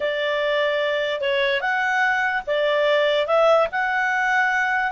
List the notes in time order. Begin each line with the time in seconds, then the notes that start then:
0.00 D5
1.20 C#5
1.60 F#5
2.46 D5
3.27 E5
3.71 F#5